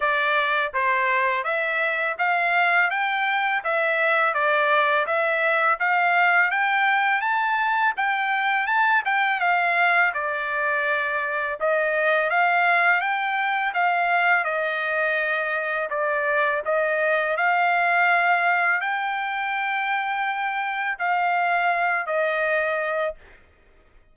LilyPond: \new Staff \with { instrumentName = "trumpet" } { \time 4/4 \tempo 4 = 83 d''4 c''4 e''4 f''4 | g''4 e''4 d''4 e''4 | f''4 g''4 a''4 g''4 | a''8 g''8 f''4 d''2 |
dis''4 f''4 g''4 f''4 | dis''2 d''4 dis''4 | f''2 g''2~ | g''4 f''4. dis''4. | }